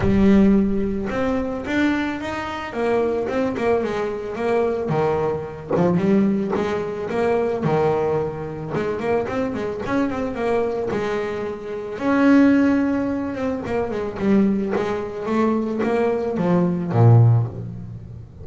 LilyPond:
\new Staff \with { instrumentName = "double bass" } { \time 4/4 \tempo 4 = 110 g2 c'4 d'4 | dis'4 ais4 c'8 ais8 gis4 | ais4 dis4. f8 g4 | gis4 ais4 dis2 |
gis8 ais8 c'8 gis8 cis'8 c'8 ais4 | gis2 cis'2~ | cis'8 c'8 ais8 gis8 g4 gis4 | a4 ais4 f4 ais,4 | }